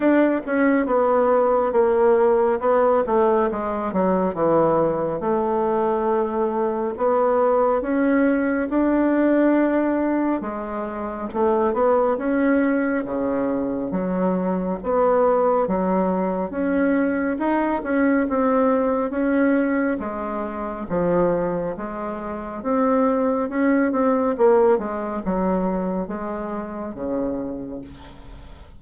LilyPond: \new Staff \with { instrumentName = "bassoon" } { \time 4/4 \tempo 4 = 69 d'8 cis'8 b4 ais4 b8 a8 | gis8 fis8 e4 a2 | b4 cis'4 d'2 | gis4 a8 b8 cis'4 cis4 |
fis4 b4 fis4 cis'4 | dis'8 cis'8 c'4 cis'4 gis4 | f4 gis4 c'4 cis'8 c'8 | ais8 gis8 fis4 gis4 cis4 | }